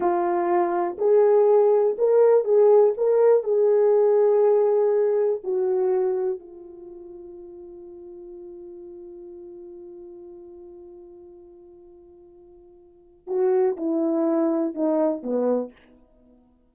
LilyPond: \new Staff \with { instrumentName = "horn" } { \time 4/4 \tempo 4 = 122 f'2 gis'2 | ais'4 gis'4 ais'4 gis'4~ | gis'2. fis'4~ | fis'4 f'2.~ |
f'1~ | f'1~ | f'2. fis'4 | e'2 dis'4 b4 | }